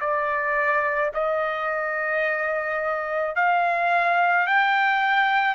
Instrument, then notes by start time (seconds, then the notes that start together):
trumpet
0.00 D5
1.14 D#5
3.35 F5
4.46 G5